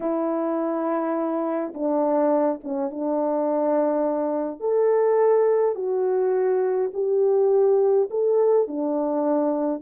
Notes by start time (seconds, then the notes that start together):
0.00 E4
1.73 D4
2.63 C#4
2.90 D4
4.60 A4
5.75 F#4
6.93 G4
8.10 A4
8.67 D4